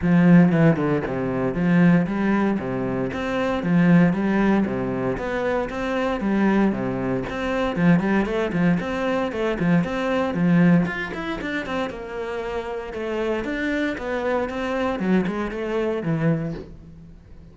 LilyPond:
\new Staff \with { instrumentName = "cello" } { \time 4/4 \tempo 4 = 116 f4 e8 d8 c4 f4 | g4 c4 c'4 f4 | g4 c4 b4 c'4 | g4 c4 c'4 f8 g8 |
a8 f8 c'4 a8 f8 c'4 | f4 f'8 e'8 d'8 c'8 ais4~ | ais4 a4 d'4 b4 | c'4 fis8 gis8 a4 e4 | }